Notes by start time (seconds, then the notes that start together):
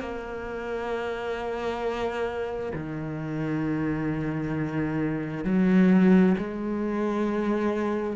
0.00 A#3
2.74 D#3
5.45 F#3
6.38 G#3